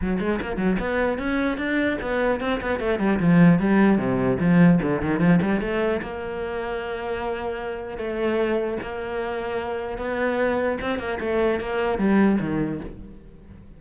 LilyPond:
\new Staff \with { instrumentName = "cello" } { \time 4/4 \tempo 4 = 150 fis8 gis8 ais8 fis8 b4 cis'4 | d'4 b4 c'8 b8 a8 g8 | f4 g4 c4 f4 | d8 dis8 f8 g8 a4 ais4~ |
ais1 | a2 ais2~ | ais4 b2 c'8 ais8 | a4 ais4 g4 dis4 | }